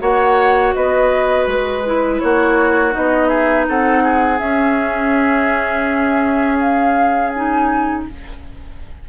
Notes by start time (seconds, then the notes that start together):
0.00 A#3 F#4 C#5 F#5
0.75 B3 B4 D#5
1.47 G#3 B4
1.86 E4
2.20 A#3 F#4 C#5
2.92 B3 D#4 D#5
3.29 G#4 E5
3.69 C4 A4 F#5
4.04 G#4
4.39 C#4 E5
6.60 F5
7.30 D#4 G#5